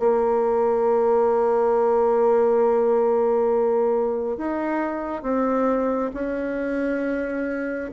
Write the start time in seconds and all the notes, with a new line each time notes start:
0.00 A#3
4.38 D#4
5.23 C4
6.14 C#4